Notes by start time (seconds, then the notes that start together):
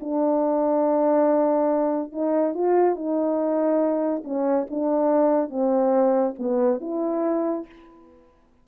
0.00 D4
2.12 D#4
2.54 F4
2.95 D#4
4.24 C#4
4.70 D4
5.50 C4
6.38 B3
6.80 E4